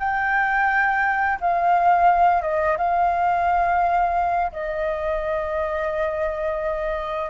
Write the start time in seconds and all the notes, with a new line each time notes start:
0.00 G5
1.41 F5
2.42 D#5
2.78 F5
4.53 D#5